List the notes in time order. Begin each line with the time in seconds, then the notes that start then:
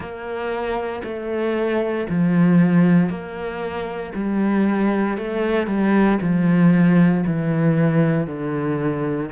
0.00 A#3
1.03 A3
2.09 F3
3.09 A#3
4.14 G3
5.17 A3
5.66 G3
6.21 F3
7.26 E3
8.27 D3